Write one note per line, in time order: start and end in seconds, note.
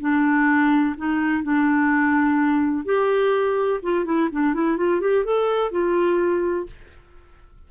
0.00 0.95 D4
0.97 1.43 D#4
1.43 2.85 D4
2.85 3.80 G4
3.82 4.05 F4
4.05 4.29 E4
4.32 4.54 D4
4.54 4.77 E4
4.77 5.01 F4
5.01 5.24 G4
5.24 5.71 A4
5.71 6.66 F4